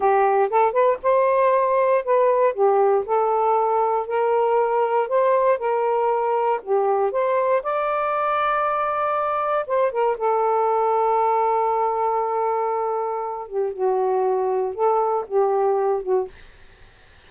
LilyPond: \new Staff \with { instrumentName = "saxophone" } { \time 4/4 \tempo 4 = 118 g'4 a'8 b'8 c''2 | b'4 g'4 a'2 | ais'2 c''4 ais'4~ | ais'4 g'4 c''4 d''4~ |
d''2. c''8 ais'8 | a'1~ | a'2~ a'8 g'8 fis'4~ | fis'4 a'4 g'4. fis'8 | }